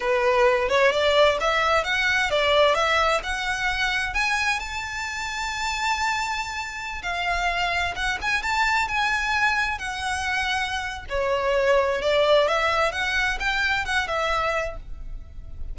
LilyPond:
\new Staff \with { instrumentName = "violin" } { \time 4/4 \tempo 4 = 130 b'4. cis''8 d''4 e''4 | fis''4 d''4 e''4 fis''4~ | fis''4 gis''4 a''2~ | a''2.~ a''16 f''8.~ |
f''4~ f''16 fis''8 gis''8 a''4 gis''8.~ | gis''4~ gis''16 fis''2~ fis''8. | cis''2 d''4 e''4 | fis''4 g''4 fis''8 e''4. | }